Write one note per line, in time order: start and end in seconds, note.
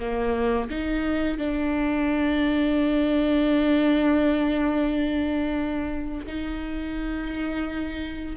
0.00 0.70 A#3
0.71 1.38 D#4
1.38 6.26 D4
6.27 8.37 D#4